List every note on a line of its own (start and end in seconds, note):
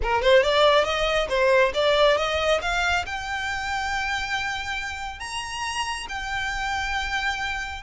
0.02 0.22 A#4
0.22 0.42 C5
0.42 0.84 D5
0.84 1.28 D#5
1.28 1.72 C5
1.74 2.17 D5
2.17 2.60 D#5
2.61 3.05 F5
3.06 5.19 G5
5.19 6.06 A#5
6.08 7.82 G5